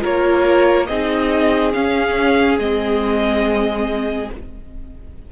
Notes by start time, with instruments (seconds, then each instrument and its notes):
0.00 cello A#3, viola F4, violin A#4 C#5
0.86 cello C4, viola D#4, violin G#4 D#5
1.72 viola C#4, cello C#4, violin F5
2.58 cello G#3, viola C4, violin D#5